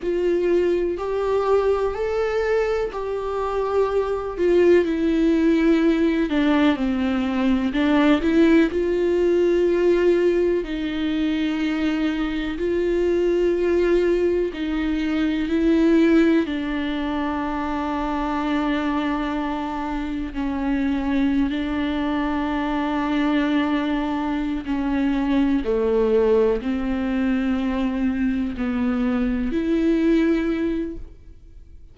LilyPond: \new Staff \with { instrumentName = "viola" } { \time 4/4 \tempo 4 = 62 f'4 g'4 a'4 g'4~ | g'8 f'8 e'4. d'8 c'4 | d'8 e'8 f'2 dis'4~ | dis'4 f'2 dis'4 |
e'4 d'2.~ | d'4 cis'4~ cis'16 d'4.~ d'16~ | d'4. cis'4 a4 c'8~ | c'4. b4 e'4. | }